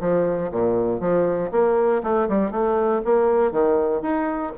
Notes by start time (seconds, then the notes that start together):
0.00 F3
0.51 A#2
1.00 F3
1.51 A#3
2.03 A3
2.28 G3
2.51 A3
3.04 A#3
3.52 D#3
4.01 D#4